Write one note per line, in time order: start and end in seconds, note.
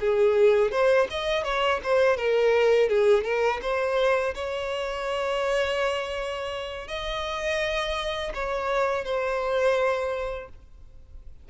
0.00 0.71 G#4
0.71 1.07 C5
1.10 1.44 D#5
1.44 1.80 C#5
1.83 2.17 C5
2.17 2.89 A#4
2.89 3.24 G#4
3.24 3.60 A#4
3.62 4.34 C5
4.34 6.87 C#5
6.88 8.32 D#5
8.34 9.04 C#5
9.04 10.49 C5